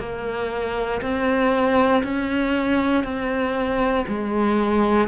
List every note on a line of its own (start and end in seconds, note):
0.00 1.02 A#3
1.02 2.03 C4
2.04 3.04 C#4
3.04 4.06 C4
4.08 5.08 G#3